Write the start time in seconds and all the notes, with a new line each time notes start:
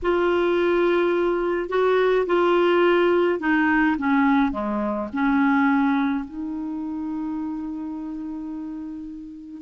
0.02 F4
1.69 F#4
2.26 F4
3.39 D#4
3.98 C#4
4.51 G#3
5.13 C#4
6.24 D#4